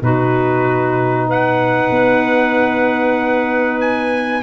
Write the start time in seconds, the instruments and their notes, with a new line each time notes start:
0.00 tuba B2, saxophone D#4, clarinet F#4, trumpet B4
1.27 clarinet B4, trumpet F#5
1.90 tuba B3
3.80 trumpet G#5